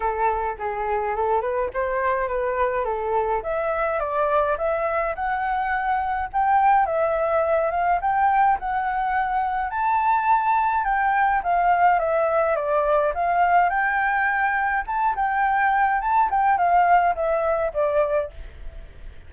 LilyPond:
\new Staff \with { instrumentName = "flute" } { \time 4/4 \tempo 4 = 105 a'4 gis'4 a'8 b'8 c''4 | b'4 a'4 e''4 d''4 | e''4 fis''2 g''4 | e''4. f''8 g''4 fis''4~ |
fis''4 a''2 g''4 | f''4 e''4 d''4 f''4 | g''2 a''8 g''4. | a''8 g''8 f''4 e''4 d''4 | }